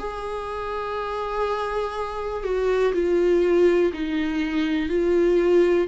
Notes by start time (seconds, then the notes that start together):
0.00 G#4
2.44 F#4
2.94 F4
3.93 D#4
4.90 F4